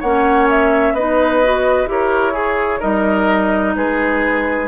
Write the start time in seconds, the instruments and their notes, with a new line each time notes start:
0.00 bassoon A#3, clarinet C#4, oboe C#5, flute F#5
0.50 flute E5
0.93 bassoon B3, clarinet D#4, oboe B4, flute D#5
1.44 clarinet F#4
1.86 bassoon E4, clarinet G4, oboe A#4, flute C#5
2.33 oboe G#4, clarinet G#4
2.79 bassoon G3, clarinet D#4, oboe A#4, flute D#5
3.76 bassoon G#3, oboe G#4, flute B4